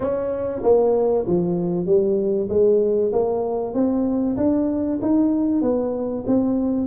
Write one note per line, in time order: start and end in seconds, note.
0.00 0.61 C#4
0.62 1.25 A#3
1.26 1.86 F3
1.86 2.48 G3
2.49 3.11 G#3
3.12 3.73 A#3
3.73 4.36 C4
4.36 4.99 D4
5.01 5.61 D#4
5.61 6.24 B3
6.27 6.86 C4